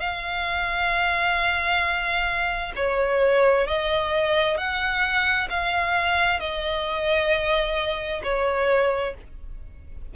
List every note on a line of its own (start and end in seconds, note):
0.00 2.73 F5
2.76 3.67 C#5
3.67 4.58 D#5
4.58 5.49 F#5
5.50 6.40 F5
6.40 8.22 D#5
8.24 9.14 C#5